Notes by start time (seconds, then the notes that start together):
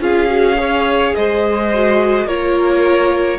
0.00 C#4 F4 G#4 F5
0.28 F#4
0.56 G#4 C#5
1.15 G#3 C5 D#5
1.74 F#4
2.27 A#3 F4 A#4 C#5